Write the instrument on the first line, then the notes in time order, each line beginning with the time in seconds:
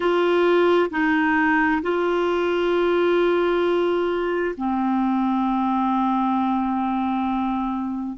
clarinet
0.00 F4
0.90 D#4
1.82 F4
4.57 C4